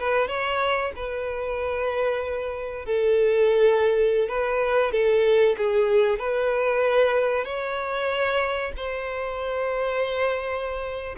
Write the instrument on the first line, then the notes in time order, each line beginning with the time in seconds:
violin
0.00 B4
0.28 C#5
0.96 B4
2.86 A4
4.29 B4
4.92 A4
5.58 G#4
6.20 B4
7.45 C#5
8.77 C5